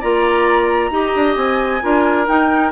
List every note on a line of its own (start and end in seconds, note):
0.00 0.91 A#3
0.00 0.92 F4
0.00 0.90 D5
0.00 1.36 A#5
0.91 1.13 D#4
0.91 1.82 G4
0.91 1.84 D#5
1.16 1.37 D4
1.36 1.82 C4
1.36 2.26 G#5
1.82 2.29 D4
1.82 2.27 F4
1.82 2.72 A#4
2.27 2.72 D#4
2.27 2.72 G5